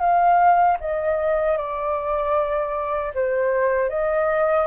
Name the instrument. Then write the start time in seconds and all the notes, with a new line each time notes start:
flute
0.00 F5
0.81 D#5
1.58 D5
3.15 C5
3.90 D#5